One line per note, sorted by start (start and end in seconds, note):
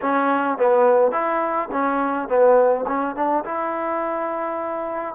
0.01 0.58 C#4
0.58 1.11 B3
1.11 1.69 E4
1.71 2.28 C#4
2.28 2.85 B3
2.87 3.15 C#4
3.15 3.44 D4
3.44 5.15 E4